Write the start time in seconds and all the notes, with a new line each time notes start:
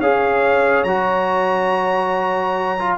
0.00 C#4 G#4 C#5 F5
0.83 F#3 F#4 A#5
2.79 F4